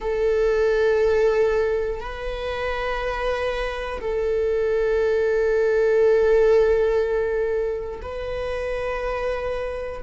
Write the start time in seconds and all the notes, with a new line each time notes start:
0.00 A4
2.00 B4
4.00 A4
8.01 B4